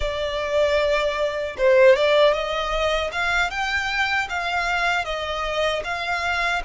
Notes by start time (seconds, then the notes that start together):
0.00 D5
1.57 C5
1.96 D5
2.33 D#5
3.12 F5
3.50 G5
4.29 F5
5.04 D#5
5.84 F5